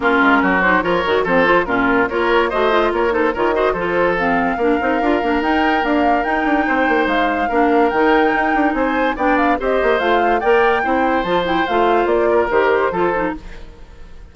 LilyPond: <<
  \new Staff \with { instrumentName = "flute" } { \time 4/4 \tempo 4 = 144 ais'4. c''8 cis''4 c''4 | ais'4 cis''4 dis''4 cis''8 c''8 | cis''8 dis''8 c''4 f''2~ | f''4 g''4 f''4 g''4~ |
g''4 f''2 g''4~ | g''4 gis''4 g''8 f''8 dis''4 | f''4 g''2 a''8 g''8 | f''4 d''4 c''2 | }
  \new Staff \with { instrumentName = "oboe" } { \time 4/4 f'4 fis'4 ais'4 a'4 | f'4 ais'4 c''4 ais'8 a'8 | ais'8 c''8 a'2 ais'4~ | ais'1 |
c''2 ais'2~ | ais'4 c''4 d''4 c''4~ | c''4 d''4 c''2~ | c''4. ais'4. a'4 | }
  \new Staff \with { instrumentName = "clarinet" } { \time 4/4 cis'4. dis'8 f'8 fis'8 c'8 f'8 | cis'4 f'4 fis'8 f'4 dis'8 | f'8 fis'8 f'4 c'4 d'8 dis'8 | f'8 d'8 dis'4 ais4 dis'4~ |
dis'2 d'4 dis'4~ | dis'2 d'4 g'4 | f'4 ais'4 e'4 f'8 e'8 | f'2 g'4 f'8 dis'8 | }
  \new Staff \with { instrumentName = "bassoon" } { \time 4/4 ais8 gis8 fis4 f8 dis8 f4 | ais,4 ais4 a4 ais4 | dis4 f2 ais8 c'8 | d'8 ais8 dis'4 d'4 dis'8 d'8 |
c'8 ais8 gis4 ais4 dis4 | dis'8 d'8 c'4 b4 c'8 ais8 | a4 ais4 c'4 f4 | a4 ais4 dis4 f4 | }
>>